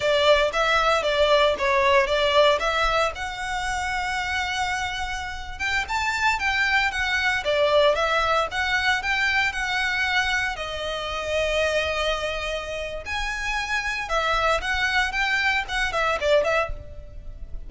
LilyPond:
\new Staff \with { instrumentName = "violin" } { \time 4/4 \tempo 4 = 115 d''4 e''4 d''4 cis''4 | d''4 e''4 fis''2~ | fis''2~ fis''8. g''8 a''8.~ | a''16 g''4 fis''4 d''4 e''8.~ |
e''16 fis''4 g''4 fis''4.~ fis''16~ | fis''16 dis''2.~ dis''8.~ | dis''4 gis''2 e''4 | fis''4 g''4 fis''8 e''8 d''8 e''8 | }